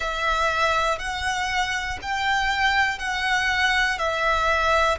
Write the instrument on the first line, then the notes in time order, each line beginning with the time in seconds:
violin
0.00 E5
0.98 F#5
2.01 G5
2.99 F#5
3.98 E5